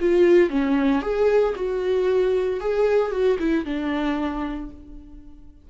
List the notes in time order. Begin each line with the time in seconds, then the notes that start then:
0.00 F4
0.50 C#4
1.02 G#4
1.55 F#4
2.60 G#4
3.11 F#4
3.39 E4
3.65 D4